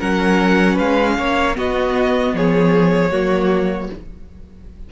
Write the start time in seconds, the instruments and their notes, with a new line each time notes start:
0.00 cello F#3, viola C#4, violin A#4 F#5
0.74 cello G#3, violin B4 F5
1.18 cello A#3, violin C#5
1.54 viola B3, cello B3, violin F#4 D#5
2.33 cello F3, violin G#4 C#5
3.11 cello F#3, viola A#3, violin F#4